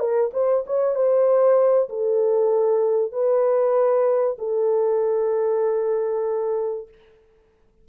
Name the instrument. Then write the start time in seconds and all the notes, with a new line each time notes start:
horn
0.00 A#4
0.34 C5
0.67 C#5
0.95 C5
1.89 A4
3.12 B4
4.39 A4